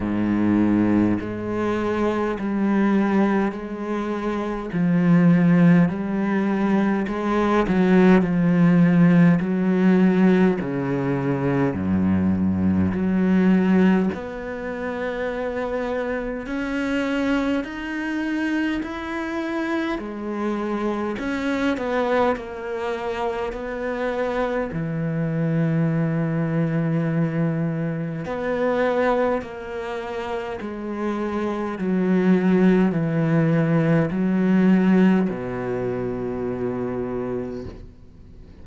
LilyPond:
\new Staff \with { instrumentName = "cello" } { \time 4/4 \tempo 4 = 51 gis,4 gis4 g4 gis4 | f4 g4 gis8 fis8 f4 | fis4 cis4 fis,4 fis4 | b2 cis'4 dis'4 |
e'4 gis4 cis'8 b8 ais4 | b4 e2. | b4 ais4 gis4 fis4 | e4 fis4 b,2 | }